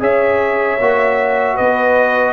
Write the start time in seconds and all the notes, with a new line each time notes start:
0.00 C#4 G#4 C#5 E5
0.80 A#3 F#4
1.55 B3 B4 D#5